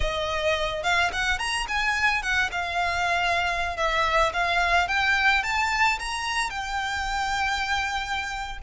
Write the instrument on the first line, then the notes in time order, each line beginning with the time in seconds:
violin
0.00 D#5
0.83 F5
1.12 F#5
1.38 A#5
1.67 G#5
2.22 F#5
2.51 F5
3.76 E5
4.33 F5
4.88 G5
5.43 A5
5.98 A#5
6.49 G5